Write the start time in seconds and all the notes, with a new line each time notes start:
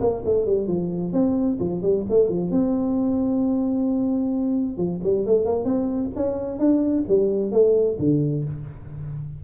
0.00 A#3
0.25 A3
0.46 G3
0.68 F3
1.13 C4
1.60 F3
1.82 G3
2.09 A3
2.29 F3
2.51 C4
4.77 F3
5.04 G3
5.26 A3
5.45 A#3
5.65 C4
6.16 C#4
6.59 D4
7.08 G3
7.52 A3
7.99 D3